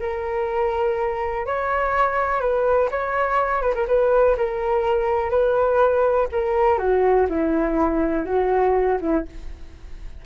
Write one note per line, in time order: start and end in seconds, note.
0.00 1.46 A#4
1.46 2.41 C#5
2.41 2.89 B4
2.91 3.62 C#5
3.62 3.74 B4
3.75 3.87 A#4
3.88 4.36 B4
4.37 5.31 A#4
5.31 6.28 B4
6.32 6.78 A#4
6.78 7.27 F#4
7.30 8.26 E4
8.26 8.99 F#4
9.01 9.26 E4